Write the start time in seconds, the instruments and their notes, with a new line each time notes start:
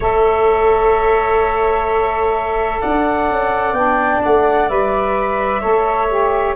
0.00 tuba A3, saxophone A4, viola C#5, flute E5
2.80 tuba D4, viola D5, flute F#5
3.30 tuba C#4
3.72 tuba B3, saxophone D4, flute G5
4.23 tuba A3, flute F#5
4.68 tuba G3, saxophone B4, flute E5
5.60 tuba A3, saxophone A4, viola C#5
6.09 saxophone G4